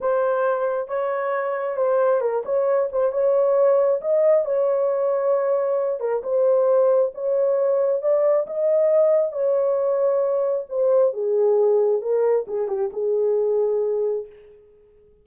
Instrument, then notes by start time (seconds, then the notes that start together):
horn
0.01 C5
0.88 C#5
1.76 C5
2.20 A#4
2.45 C#5
2.92 C5
3.12 C#5
4.01 D#5
4.45 C#5
6.00 A#4
6.23 C5
7.14 C#5
8.02 D5
8.46 D#5
9.32 C#5
10.69 C5
11.13 G#4
12.01 A#4
12.47 G#4
12.68 G4
12.93 G#4